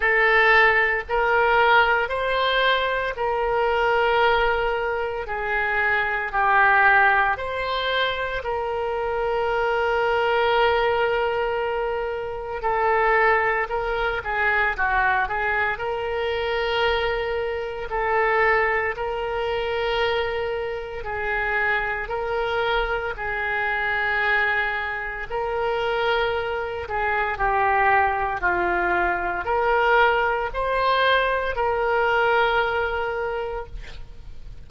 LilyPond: \new Staff \with { instrumentName = "oboe" } { \time 4/4 \tempo 4 = 57 a'4 ais'4 c''4 ais'4~ | ais'4 gis'4 g'4 c''4 | ais'1 | a'4 ais'8 gis'8 fis'8 gis'8 ais'4~ |
ais'4 a'4 ais'2 | gis'4 ais'4 gis'2 | ais'4. gis'8 g'4 f'4 | ais'4 c''4 ais'2 | }